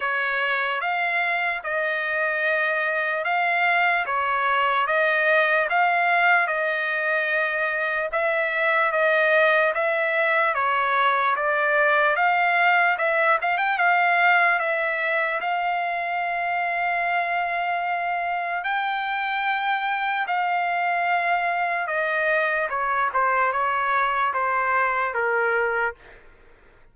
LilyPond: \new Staff \with { instrumentName = "trumpet" } { \time 4/4 \tempo 4 = 74 cis''4 f''4 dis''2 | f''4 cis''4 dis''4 f''4 | dis''2 e''4 dis''4 | e''4 cis''4 d''4 f''4 |
e''8 f''16 g''16 f''4 e''4 f''4~ | f''2. g''4~ | g''4 f''2 dis''4 | cis''8 c''8 cis''4 c''4 ais'4 | }